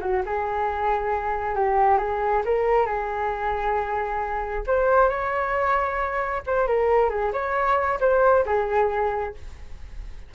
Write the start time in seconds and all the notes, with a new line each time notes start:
0.00 F#4
0.25 G#4
1.55 G4
1.98 G#4
2.45 A#4
2.86 G#4
4.66 C5
5.09 C#5
6.46 C5
6.67 A#4
7.09 G#4
7.32 C#5
8.00 C5
8.45 G#4